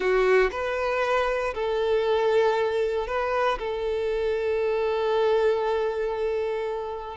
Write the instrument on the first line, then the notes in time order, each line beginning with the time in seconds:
violin
0.00 F#4
0.51 B4
1.54 A4
3.07 B4
3.58 A4